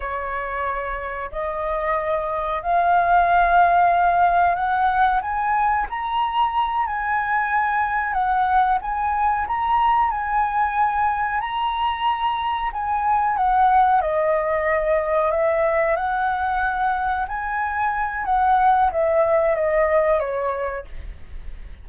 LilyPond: \new Staff \with { instrumentName = "flute" } { \time 4/4 \tempo 4 = 92 cis''2 dis''2 | f''2. fis''4 | gis''4 ais''4. gis''4.~ | gis''8 fis''4 gis''4 ais''4 gis''8~ |
gis''4. ais''2 gis''8~ | gis''8 fis''4 dis''2 e''8~ | e''8 fis''2 gis''4. | fis''4 e''4 dis''4 cis''4 | }